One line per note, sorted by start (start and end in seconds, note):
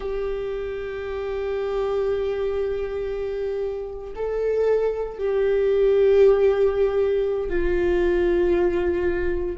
0.00 4.14 G4
4.15 5.18 A4
5.18 7.49 G4
7.49 9.55 F4